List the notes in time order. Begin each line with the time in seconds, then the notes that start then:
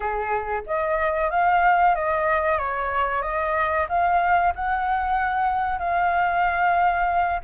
0.00 G#4
0.66 D#5
1.30 F5
1.95 D#5
2.58 C#5
3.22 D#5
3.89 F5
4.55 F#5
5.78 F5